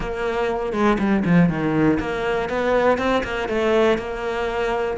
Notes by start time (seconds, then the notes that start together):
0.00 A#3
0.73 G#3
0.98 G3
1.24 F3
1.49 D#3
1.99 A#3
2.49 B3
2.98 C4
3.23 A#3
3.48 A3
3.98 A#3